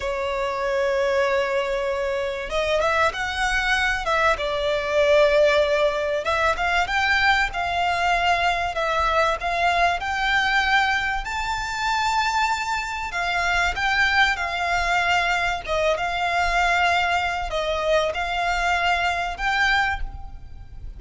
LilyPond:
\new Staff \with { instrumentName = "violin" } { \time 4/4 \tempo 4 = 96 cis''1 | dis''8 e''8 fis''4. e''8 d''4~ | d''2 e''8 f''8 g''4 | f''2 e''4 f''4 |
g''2 a''2~ | a''4 f''4 g''4 f''4~ | f''4 dis''8 f''2~ f''8 | dis''4 f''2 g''4 | }